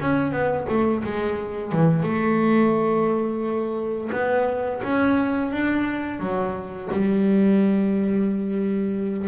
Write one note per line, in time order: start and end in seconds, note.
0.00 0.32 C#4
0.32 0.66 B3
0.69 1.03 A3
1.04 1.72 G#3
1.72 2.03 E3
2.03 4.10 A3
4.13 4.82 B3
4.83 5.51 C#4
5.51 6.20 D4
6.20 6.89 F#3
6.92 9.28 G3